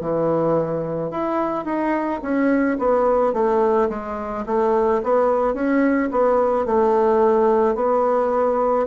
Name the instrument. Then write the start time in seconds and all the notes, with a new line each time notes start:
bassoon
0.00 E3
1.11 E4
1.65 D#4
2.22 C#4
2.78 B3
3.33 A3
3.89 G#3
4.46 A3
5.03 B3
5.54 C#4
6.11 B3
6.66 A3
7.75 B3